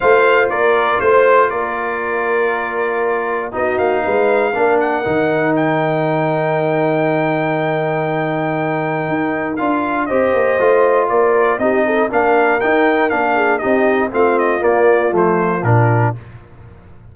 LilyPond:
<<
  \new Staff \with { instrumentName = "trumpet" } { \time 4/4 \tempo 4 = 119 f''4 d''4 c''4 d''4~ | d''2. dis''8 f''8~ | f''4. fis''4. g''4~ | g''1~ |
g''2. f''4 | dis''2 d''4 dis''4 | f''4 g''4 f''4 dis''4 | f''8 dis''8 d''4 c''4 ais'4 | }
  \new Staff \with { instrumentName = "horn" } { \time 4/4 c''4 ais'4 c''4 ais'4~ | ais'2. fis'4 | b'4 ais'2.~ | ais'1~ |
ais'1 | c''2 ais'4 g'8 a'8 | ais'2~ ais'8 gis'8 g'4 | f'1 | }
  \new Staff \with { instrumentName = "trombone" } { \time 4/4 f'1~ | f'2. dis'4~ | dis'4 d'4 dis'2~ | dis'1~ |
dis'2. f'4 | g'4 f'2 dis'4 | d'4 dis'4 d'4 dis'4 | c'4 ais4 a4 d'4 | }
  \new Staff \with { instrumentName = "tuba" } { \time 4/4 a4 ais4 a4 ais4~ | ais2. b8 ais8 | gis4 ais4 dis2~ | dis1~ |
dis2 dis'4 d'4 | c'8 ais8 a4 ais4 c'4 | ais4 dis'4 ais4 c'4 | a4 ais4 f4 ais,4 | }
>>